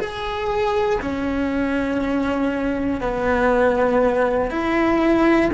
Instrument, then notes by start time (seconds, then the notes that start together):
cello
0.00 G#4
1.01 C#4
3.01 B3
4.50 E4